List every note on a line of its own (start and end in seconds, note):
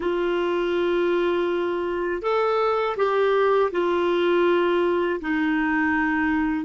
0.00 2.22 F4
2.22 2.96 A4
2.96 3.70 G4
3.71 5.20 F4
5.21 6.65 D#4